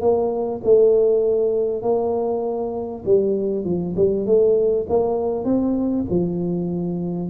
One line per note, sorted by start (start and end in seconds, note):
0.00 0.61 A#3
0.63 1.82 A3
1.82 3.03 A#3
3.04 3.64 G3
3.64 3.95 F3
3.96 4.26 G3
4.26 4.86 A3
4.88 5.44 A#3
5.44 6.05 C4
6.09 7.29 F3